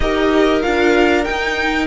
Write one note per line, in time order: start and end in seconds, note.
0.00 0.62 D#4
0.00 0.62 G4
0.00 1.86 A#4
0.00 0.61 D#5
0.61 1.27 D4
0.61 1.24 F4
0.61 1.24 F5
1.24 1.86 D#4
1.24 1.86 G5